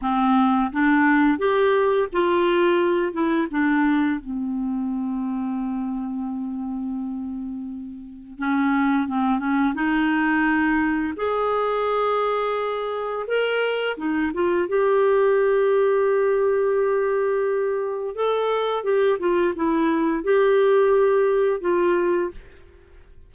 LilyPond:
\new Staff \with { instrumentName = "clarinet" } { \time 4/4 \tempo 4 = 86 c'4 d'4 g'4 f'4~ | f'8 e'8 d'4 c'2~ | c'1 | cis'4 c'8 cis'8 dis'2 |
gis'2. ais'4 | dis'8 f'8 g'2.~ | g'2 a'4 g'8 f'8 | e'4 g'2 f'4 | }